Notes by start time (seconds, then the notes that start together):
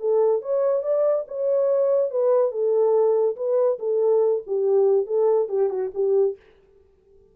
0.00 A4
0.42 C#5
0.83 D5
1.28 C#5
2.10 B4
2.52 A4
3.36 B4
3.79 A4
4.47 G4
5.06 A4
5.49 G4
5.70 F#4
5.94 G4